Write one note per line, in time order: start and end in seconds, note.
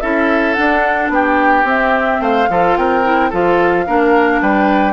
0.00 0.57 C#4
0.00 0.56 E4
0.00 1.11 A4
0.00 0.54 E5
0.54 1.65 D4
0.54 1.09 D4
0.54 1.09 F#5
1.09 1.64 B3
1.09 2.21 G4
1.09 1.68 G5
1.64 2.19 C4
1.64 2.48 C4
1.64 2.22 E5
2.20 2.48 A3
2.20 2.49 C5
2.20 2.77 F5
2.49 2.77 F3
2.49 3.04 F4
2.49 2.78 A4
2.77 3.32 C4
2.77 3.29 A#4
2.77 3.32 G5
3.04 3.31 E4
3.29 3.87 F3
3.29 3.86 F4
3.29 3.85 A4
3.29 4.41 F5
3.86 4.41 A#3
3.86 4.93 D4
3.86 4.42 A#4
4.41 4.93 G3
4.41 4.93 B4
4.41 4.93 G5